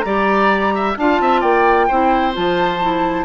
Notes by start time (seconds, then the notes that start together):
0.00 G3 G4 D5 A#5
0.75 E5
0.97 D4 F4 F5 A5
1.20 C4 E5
1.41 A#3 D5 G5
1.88 C4 E4 C5
2.33 F3 F4 A5
2.81 E4